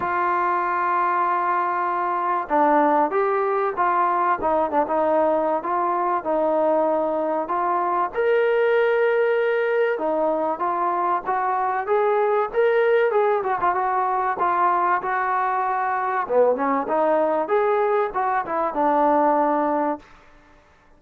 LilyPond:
\new Staff \with { instrumentName = "trombone" } { \time 4/4 \tempo 4 = 96 f'1 | d'4 g'4 f'4 dis'8 d'16 dis'16~ | dis'4 f'4 dis'2 | f'4 ais'2. |
dis'4 f'4 fis'4 gis'4 | ais'4 gis'8 fis'16 f'16 fis'4 f'4 | fis'2 b8 cis'8 dis'4 | gis'4 fis'8 e'8 d'2 | }